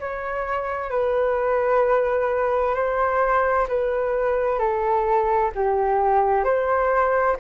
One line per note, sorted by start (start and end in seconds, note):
0.00 0.91 C#5
0.91 2.75 B4
2.75 3.67 C5
3.68 4.59 B4
4.59 5.51 A4
5.56 6.44 G4
6.44 7.37 C5